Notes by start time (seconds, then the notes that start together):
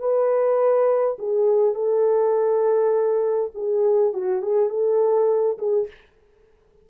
0.00 B4
1.19 G#4
1.75 A4
3.55 G#4
4.14 F#4
4.43 G#4
4.70 A4
5.59 G#4